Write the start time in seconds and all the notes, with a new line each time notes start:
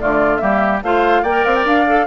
0.00 D3 A3 F4 D5
0.37 G3 A#3 G4 E5
0.83 A3 F4 C5 F5
1.23 A#3 A#4 D5 G5
1.45 C4 F5
1.56 G5
1.65 D4 F5
1.88 A4